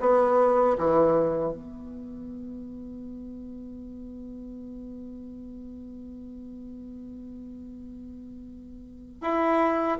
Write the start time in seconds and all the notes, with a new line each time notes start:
0.00 B3
0.78 E3
1.52 B3
9.21 E4